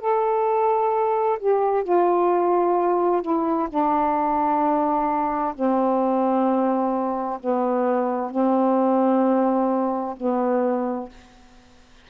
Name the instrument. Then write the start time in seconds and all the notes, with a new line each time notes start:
saxophone
0.00 A4
1.39 G4
1.83 F4
3.22 E4
3.69 D4
5.55 C4
7.40 B3
8.31 C4
10.17 B3